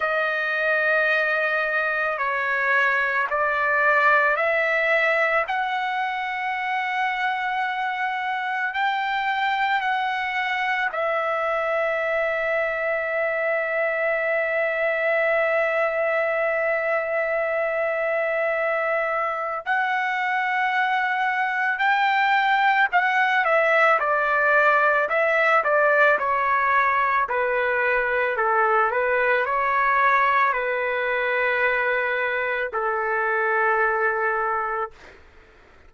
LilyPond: \new Staff \with { instrumentName = "trumpet" } { \time 4/4 \tempo 4 = 55 dis''2 cis''4 d''4 | e''4 fis''2. | g''4 fis''4 e''2~ | e''1~ |
e''2 fis''2 | g''4 fis''8 e''8 d''4 e''8 d''8 | cis''4 b'4 a'8 b'8 cis''4 | b'2 a'2 | }